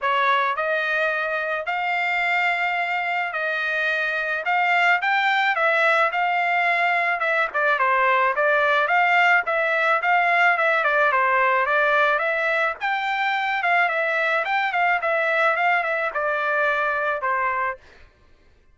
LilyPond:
\new Staff \with { instrumentName = "trumpet" } { \time 4/4 \tempo 4 = 108 cis''4 dis''2 f''4~ | f''2 dis''2 | f''4 g''4 e''4 f''4~ | f''4 e''8 d''8 c''4 d''4 |
f''4 e''4 f''4 e''8 d''8 | c''4 d''4 e''4 g''4~ | g''8 f''8 e''4 g''8 f''8 e''4 | f''8 e''8 d''2 c''4 | }